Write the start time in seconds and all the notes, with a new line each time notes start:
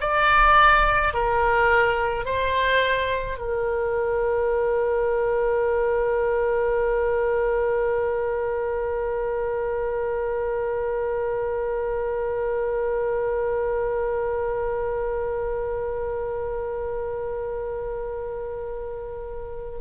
0.00 D5
1.13 A#4
2.25 C5
3.38 A#4